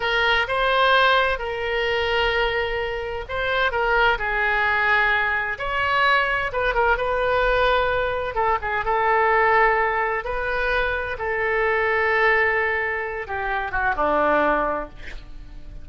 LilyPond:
\new Staff \with { instrumentName = "oboe" } { \time 4/4 \tempo 4 = 129 ais'4 c''2 ais'4~ | ais'2. c''4 | ais'4 gis'2. | cis''2 b'8 ais'8 b'4~ |
b'2 a'8 gis'8 a'4~ | a'2 b'2 | a'1~ | a'8 g'4 fis'8 d'2 | }